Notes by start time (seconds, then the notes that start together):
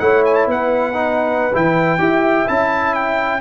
0.00 A3 E4 C#5 F#5
0.25 G#5
0.35 A5
0.47 B3 B4 F#5
0.94 D#4
1.54 E3 E4 G5
1.99 E4 G4 E5
2.47 C#4 E4 A5
2.94 G5